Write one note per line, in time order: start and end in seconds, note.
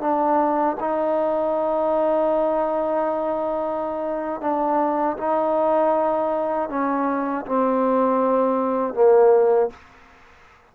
0.00 0.76 D4
0.80 4.41 D#4
4.41 5.16 D4
5.17 6.69 D#4
6.69 7.45 C#4
7.45 8.94 C4
8.94 9.70 A#3